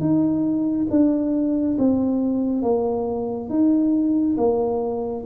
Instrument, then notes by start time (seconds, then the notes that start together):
tuba
0.00 D#4
0.90 D4
1.78 C4
2.62 A#3
3.49 D#4
4.37 A#3